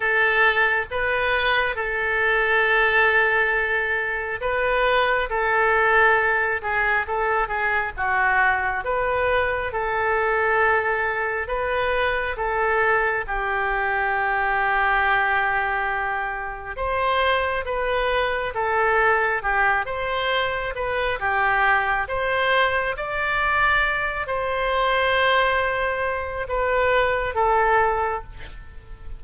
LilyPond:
\new Staff \with { instrumentName = "oboe" } { \time 4/4 \tempo 4 = 68 a'4 b'4 a'2~ | a'4 b'4 a'4. gis'8 | a'8 gis'8 fis'4 b'4 a'4~ | a'4 b'4 a'4 g'4~ |
g'2. c''4 | b'4 a'4 g'8 c''4 b'8 | g'4 c''4 d''4. c''8~ | c''2 b'4 a'4 | }